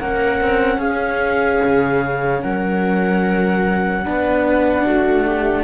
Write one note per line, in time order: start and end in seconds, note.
0.00 0.41 A#3
0.00 4.05 C#4
0.00 0.78 A#4
0.00 0.81 F#5
0.41 0.78 C4
0.78 1.59 C#4
0.78 2.40 G#4
0.78 2.42 F5
1.64 2.44 C#3
2.42 4.06 F#3
2.42 4.04 A#4
2.42 5.64 F#5
4.05 4.87 B3
4.05 5.64 D4
4.05 4.85 B4
4.85 5.64 A3
4.85 5.26 F#4
5.26 5.64 G4